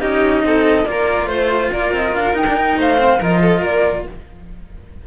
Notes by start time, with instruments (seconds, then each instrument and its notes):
0.00 cello C#4 D#4, violin G4, flute D#5
0.45 cello C4, violin A4
0.86 cello A#3 F4, violin A#4, flute D5
1.27 cello A3, flute C5, violin C5
1.73 cello A#3, violin A#4, flute D5
1.92 cello C4, flute D#5
2.15 cello D4, flute F5
2.34 cello D#4, flute G5
2.47 cello D4
2.57 cello D#4
2.77 cello A3, violin C5, flute F5
2.98 cello C4
3.20 cello F3 F4, violin A#4, flute D#5
3.42 violin A4
3.61 cello A#3, violin A#4, flute D5